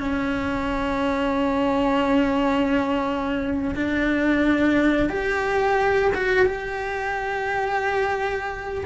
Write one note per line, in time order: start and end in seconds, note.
0.00 3.75 C#4
3.75 5.10 D4
5.10 6.12 G4
6.15 6.46 F#4
6.46 8.85 G4